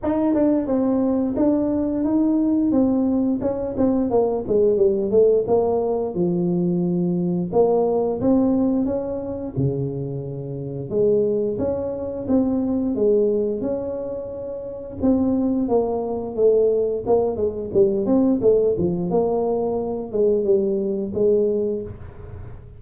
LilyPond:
\new Staff \with { instrumentName = "tuba" } { \time 4/4 \tempo 4 = 88 dis'8 d'8 c'4 d'4 dis'4 | c'4 cis'8 c'8 ais8 gis8 g8 a8 | ais4 f2 ais4 | c'4 cis'4 cis2 |
gis4 cis'4 c'4 gis4 | cis'2 c'4 ais4 | a4 ais8 gis8 g8 c'8 a8 f8 | ais4. gis8 g4 gis4 | }